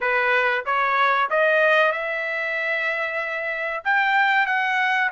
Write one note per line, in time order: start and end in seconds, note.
0.00 0.64 B4
0.65 1.29 C#5
1.30 1.92 D#5
1.92 3.83 E5
3.84 4.46 G5
4.46 5.10 F#5